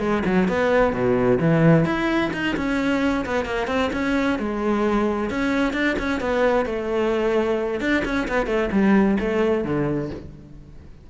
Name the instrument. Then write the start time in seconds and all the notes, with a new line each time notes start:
cello
0.00 G#3
0.26 F#3
0.48 B3
0.93 B2
1.40 E3
1.85 E4
2.34 D#4
2.57 C#4
3.26 B3
3.46 A#3
3.68 C4
3.93 C#4
4.39 G#3
5.30 C#4
5.73 D4
5.99 C#4
6.21 B3
6.66 A3
7.81 D4
8.05 C#4
8.28 B3
8.47 A3
8.72 G3
9.20 A3
9.65 D3